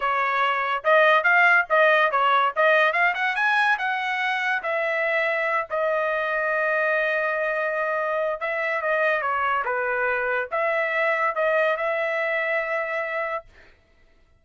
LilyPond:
\new Staff \with { instrumentName = "trumpet" } { \time 4/4 \tempo 4 = 143 cis''2 dis''4 f''4 | dis''4 cis''4 dis''4 f''8 fis''8 | gis''4 fis''2 e''4~ | e''4. dis''2~ dis''8~ |
dis''1 | e''4 dis''4 cis''4 b'4~ | b'4 e''2 dis''4 | e''1 | }